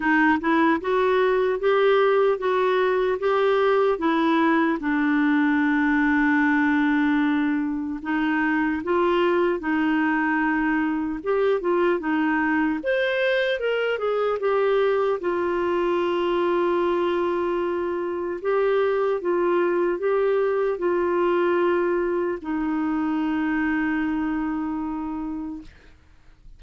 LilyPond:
\new Staff \with { instrumentName = "clarinet" } { \time 4/4 \tempo 4 = 75 dis'8 e'8 fis'4 g'4 fis'4 | g'4 e'4 d'2~ | d'2 dis'4 f'4 | dis'2 g'8 f'8 dis'4 |
c''4 ais'8 gis'8 g'4 f'4~ | f'2. g'4 | f'4 g'4 f'2 | dis'1 | }